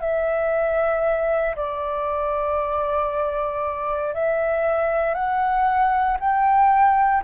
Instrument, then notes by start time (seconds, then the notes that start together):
flute
0.00 E5
1.56 D5
4.14 E5
5.14 F#5
6.20 G5